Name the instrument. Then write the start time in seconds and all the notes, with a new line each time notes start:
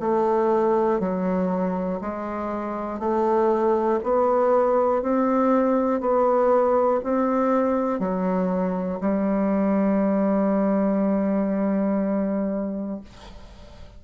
bassoon
0.00 A3
1.00 F#3
2.01 G#3
3.00 A3
4.04 B3
5.03 C4
6.01 B3
7.04 C4
8.00 F#3
9.01 G3